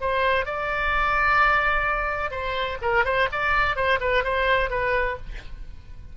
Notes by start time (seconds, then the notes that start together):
0.00 C5
0.45 D5
2.30 C5
2.81 A#4
3.04 C5
3.32 D5
3.75 C5
4.00 B4
4.24 C5
4.69 B4